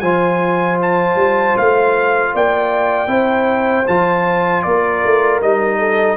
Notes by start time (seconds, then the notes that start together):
0.00 F3 F4 C5 G#5
0.82 A5
1.16 G3
1.57 A3 F5
2.34 A#3 D5 G5
3.07 C4 E4 C5
3.88 F3 F4 A5
4.63 A#3 A#4 D5
5.04 A3
5.42 G3 D#4 D#5
5.79 A4